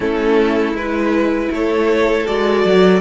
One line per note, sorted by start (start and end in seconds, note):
0.00 0.72 A3
0.00 0.75 C#4
0.00 1.51 E4
0.00 0.76 A4
0.72 1.48 G#3
0.72 2.27 E4
0.72 1.52 B4
1.51 2.27 A3
1.51 3.01 A4
1.51 2.27 C#5
2.27 2.65 G#3
2.27 3.01 F#4
2.27 3.01 D5
2.65 3.01 F#3